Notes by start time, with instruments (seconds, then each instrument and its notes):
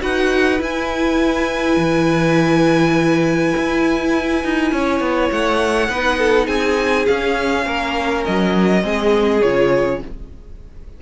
0.00 cello D#4, viola F#4, violin B4 F#5
0.58 viola E4, cello E4, violin G#5
1.77 cello E3
3.57 cello E4
4.44 cello D#4
4.72 cello C#4, violin C#5
5.00 cello B3
5.31 cello A3, violin F#5
5.89 cello B3, viola D#4, violin B4
6.19 violin A4
6.46 cello C4, violin G#4 G#5
7.06 viola C#4, cello C#4, violin F5
7.66 cello A#3, violin A#4
8.25 cello F#3, violin D#5
8.82 cello G#3, viola C4, violin G#4
9.42 cello C#3, viola F4, violin C#5